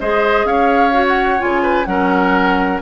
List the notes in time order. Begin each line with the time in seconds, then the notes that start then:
0.00 G#3 G#4 C5 D#5
0.44 C#4 C#5 F5
0.92 F#4
1.08 F#5
1.38 C#3 F4 G#5
1.62 B4
1.85 F#3 C#4 A#4 F#5